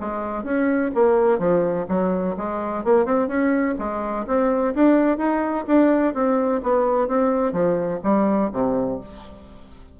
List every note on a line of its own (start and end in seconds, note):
0.00 0.43 G#3
0.43 0.91 C#4
0.94 1.38 A#3
1.38 1.85 F3
1.88 2.35 F#3
2.36 2.84 G#3
2.84 3.05 A#3
3.05 3.27 C4
3.27 3.75 C#4
3.78 4.26 G#3
4.27 4.74 C4
4.74 5.17 D4
5.17 5.65 D#4
5.66 6.14 D4
6.14 6.61 C4
6.62 7.07 B3
7.07 7.52 C4
7.52 7.99 F3
8.03 8.50 G3
8.52 9.00 C3